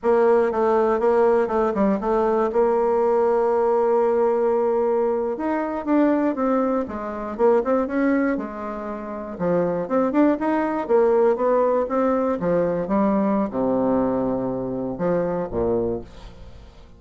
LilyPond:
\new Staff \with { instrumentName = "bassoon" } { \time 4/4 \tempo 4 = 120 ais4 a4 ais4 a8 g8 | a4 ais2.~ | ais2~ ais8. dis'4 d'16~ | d'8. c'4 gis4 ais8 c'8 cis'16~ |
cis'8. gis2 f4 c'16~ | c'16 d'8 dis'4 ais4 b4 c'16~ | c'8. f4 g4~ g16 c4~ | c2 f4 ais,4 | }